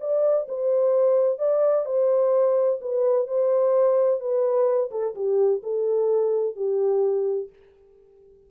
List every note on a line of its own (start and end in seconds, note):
0.00 0.47 D5
0.48 1.38 C5
1.38 1.85 D5
1.85 2.79 C5
2.81 3.27 B4
3.27 4.20 C5
4.20 4.90 B4
4.91 5.14 A4
5.15 5.62 G4
5.63 6.56 A4
6.56 7.49 G4